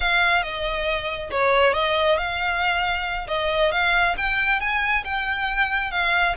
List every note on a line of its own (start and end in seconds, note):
0.00 0.43 F5
0.43 1.30 D#5
1.30 1.73 C#5
1.73 2.17 D#5
2.17 3.27 F5
3.27 3.71 D#5
3.71 4.15 F5
4.17 4.60 G5
4.60 5.04 G#5
5.04 5.91 G5
5.91 6.35 F5